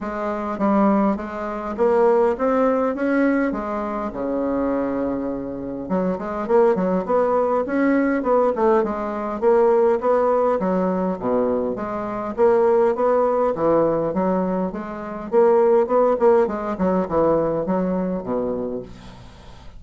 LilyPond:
\new Staff \with { instrumentName = "bassoon" } { \time 4/4 \tempo 4 = 102 gis4 g4 gis4 ais4 | c'4 cis'4 gis4 cis4~ | cis2 fis8 gis8 ais8 fis8 | b4 cis'4 b8 a8 gis4 |
ais4 b4 fis4 b,4 | gis4 ais4 b4 e4 | fis4 gis4 ais4 b8 ais8 | gis8 fis8 e4 fis4 b,4 | }